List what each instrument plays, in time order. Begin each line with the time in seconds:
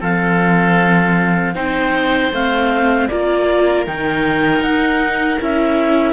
0.00 cello F3, viola C4, oboe A4, clarinet F5
1.55 cello C4, viola D#4, oboe C5, clarinet G5
2.32 cello A3, viola C4, clarinet F5
3.08 cello A#3, viola F4, oboe A#4, clarinet D5
3.87 cello D#3, viola D#4, clarinet G5
4.61 cello D#4, clarinet F#5
5.41 cello C#4, viola E4, clarinet E5